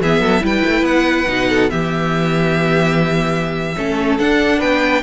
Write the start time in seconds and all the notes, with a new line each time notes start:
0.00 E3 B3 G#4 E5
0.19 F#3 A4
0.40 G3 E4 B4 G5
0.65 A3
0.81 B3 F#5
1.27 B2 D#4
1.49 A4
1.69 E3 B3 G4 E5
3.77 A3 C#4 A4
4.19 D4 F#5
4.58 B3 B4 G5